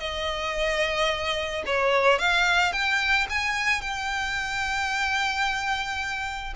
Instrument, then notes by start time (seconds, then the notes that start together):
violin
0.00 D#5
1.67 C#5
2.19 F5
2.73 G5
3.30 G#5
3.82 G5